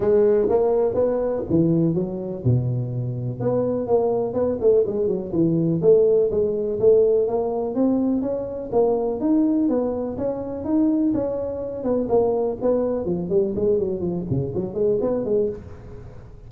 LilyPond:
\new Staff \with { instrumentName = "tuba" } { \time 4/4 \tempo 4 = 124 gis4 ais4 b4 e4 | fis4 b,2 b4 | ais4 b8 a8 gis8 fis8 e4 | a4 gis4 a4 ais4 |
c'4 cis'4 ais4 dis'4 | b4 cis'4 dis'4 cis'4~ | cis'8 b8 ais4 b4 f8 g8 | gis8 fis8 f8 cis8 fis8 gis8 b8 gis8 | }